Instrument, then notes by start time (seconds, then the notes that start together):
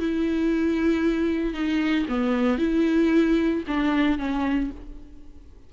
viola
0.00 E4
1.54 D#4
2.09 B3
2.59 E4
3.68 D4
4.18 C#4